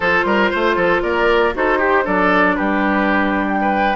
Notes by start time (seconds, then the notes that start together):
0.00 F3 F4 A4 C5
0.24 G3 A#4
0.50 A3 C5
0.76 F3 A4
1.02 A#3 A#4 D5
1.54 D#4 F#4 A4 C5
1.78 G4
2.03 F#3 D4 A4 D5
2.55 G3 G4 B4
3.47 G5
3.61 B4